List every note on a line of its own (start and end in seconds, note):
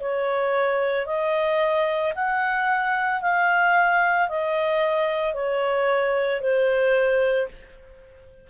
0.00 1.06 C#5
1.06 2.13 D#5
2.15 3.21 F#5
3.21 4.29 F5
4.29 5.34 D#5
5.34 6.41 C#5
6.41 7.48 C5